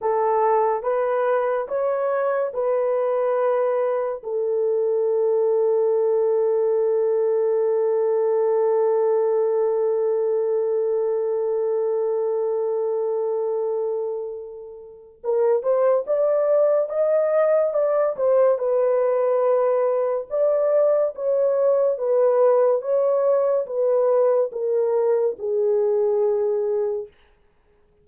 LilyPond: \new Staff \with { instrumentName = "horn" } { \time 4/4 \tempo 4 = 71 a'4 b'4 cis''4 b'4~ | b'4 a'2.~ | a'1~ | a'1~ |
a'2 ais'8 c''8 d''4 | dis''4 d''8 c''8 b'2 | d''4 cis''4 b'4 cis''4 | b'4 ais'4 gis'2 | }